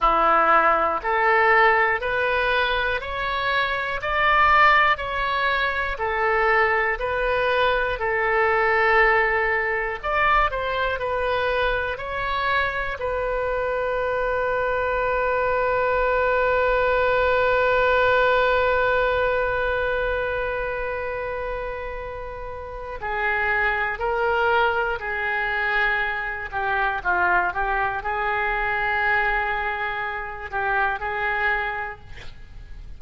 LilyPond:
\new Staff \with { instrumentName = "oboe" } { \time 4/4 \tempo 4 = 60 e'4 a'4 b'4 cis''4 | d''4 cis''4 a'4 b'4 | a'2 d''8 c''8 b'4 | cis''4 b'2.~ |
b'1~ | b'2. gis'4 | ais'4 gis'4. g'8 f'8 g'8 | gis'2~ gis'8 g'8 gis'4 | }